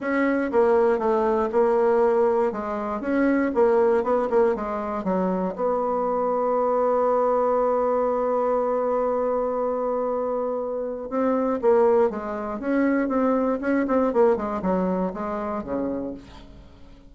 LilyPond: \new Staff \with { instrumentName = "bassoon" } { \time 4/4 \tempo 4 = 119 cis'4 ais4 a4 ais4~ | ais4 gis4 cis'4 ais4 | b8 ais8 gis4 fis4 b4~ | b1~ |
b1~ | b2 c'4 ais4 | gis4 cis'4 c'4 cis'8 c'8 | ais8 gis8 fis4 gis4 cis4 | }